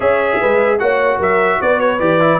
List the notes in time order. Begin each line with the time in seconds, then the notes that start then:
0.00 C#4 G#4 C#5 E5
0.40 G#3 B4
0.79 A#3 F#4 C#5 F#5
1.18 F#3 A#4 E5
1.61 B3 B4 D5
1.80 C#5
1.99 E3 G4 D5
2.20 E4